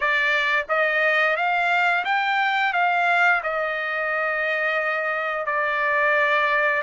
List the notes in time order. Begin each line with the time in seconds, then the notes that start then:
0.00 D5
0.68 D#5
1.36 F5
2.05 G5
2.73 F5
3.43 D#5
5.45 D5